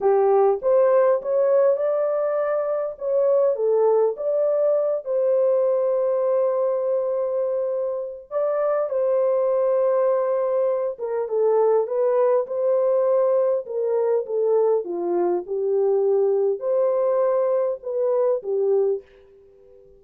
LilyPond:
\new Staff \with { instrumentName = "horn" } { \time 4/4 \tempo 4 = 101 g'4 c''4 cis''4 d''4~ | d''4 cis''4 a'4 d''4~ | d''8 c''2.~ c''8~ | c''2 d''4 c''4~ |
c''2~ c''8 ais'8 a'4 | b'4 c''2 ais'4 | a'4 f'4 g'2 | c''2 b'4 g'4 | }